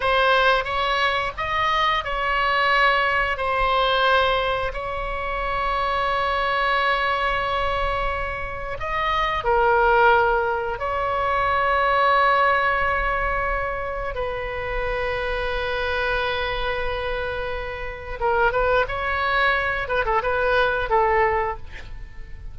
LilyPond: \new Staff \with { instrumentName = "oboe" } { \time 4/4 \tempo 4 = 89 c''4 cis''4 dis''4 cis''4~ | cis''4 c''2 cis''4~ | cis''1~ | cis''4 dis''4 ais'2 |
cis''1~ | cis''4 b'2.~ | b'2. ais'8 b'8 | cis''4. b'16 a'16 b'4 a'4 | }